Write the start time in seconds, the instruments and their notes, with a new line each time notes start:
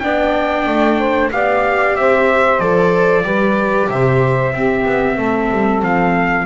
0.00 double bass B3, viola D4, saxophone D5, trumpet G5
0.67 double bass A3
0.99 saxophone C5
1.32 double bass B3, viola G4, saxophone D5, trumpet F5
1.96 double bass C4, saxophone C5, trumpet E5
2.60 double bass F3, viola A4, trumpet D5
3.23 double bass G3, viola G4, saxophone B4
3.89 double bass C3, saxophone C5, trumpet E5
4.53 double bass C4, viola C4, saxophone G4
4.86 double bass B3
5.15 double bass A3, saxophone A4
5.52 double bass G3
5.83 double bass F3, trumpet F5